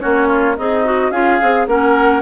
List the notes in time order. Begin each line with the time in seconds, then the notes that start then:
0.00 A#3 C#4 F#4 C#5
0.28 F4
0.58 C4 D#4 G#4 D#5
0.85 F#4
1.11 C#4 F4 G#4 F5
1.42 C4 G#4
1.67 A#3 C#4 A#4 F#5